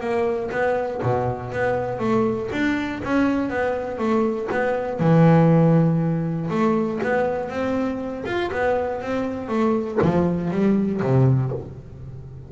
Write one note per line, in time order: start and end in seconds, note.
0.00 0.50 A#3
0.51 1.01 B3
1.02 1.52 B2
1.52 1.99 B3
1.99 2.49 A3
2.52 3.02 D4
3.03 3.49 C#4
3.49 3.98 B3
3.98 4.48 A3
4.51 5.00 B3
5.00 6.50 E3
6.50 7.00 A3
7.03 7.49 B3
7.49 8.24 C4
8.25 8.50 F4
8.51 9.01 B3
9.01 9.48 C4
9.48 9.98 A3
10.02 10.51 F3
10.51 11.01 G3
11.02 11.52 C3